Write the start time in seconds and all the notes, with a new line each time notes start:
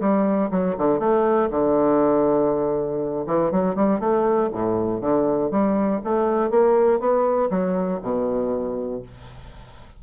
0.00 G3
0.51 F#3
0.78 D3
0.99 A3
1.51 D3
3.26 E3
3.51 F#3
3.75 G3
4.00 A3
4.52 A2
5.01 D3
5.51 G3
6.04 A3
6.50 A#3
7.00 B3
7.50 F#3
8.02 B2